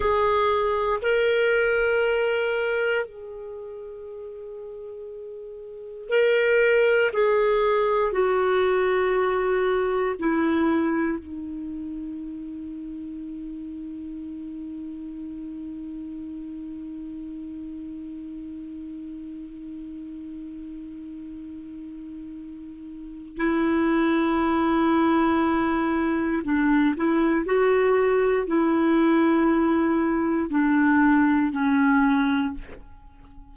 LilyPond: \new Staff \with { instrumentName = "clarinet" } { \time 4/4 \tempo 4 = 59 gis'4 ais'2 gis'4~ | gis'2 ais'4 gis'4 | fis'2 e'4 dis'4~ | dis'1~ |
dis'1~ | dis'2. e'4~ | e'2 d'8 e'8 fis'4 | e'2 d'4 cis'4 | }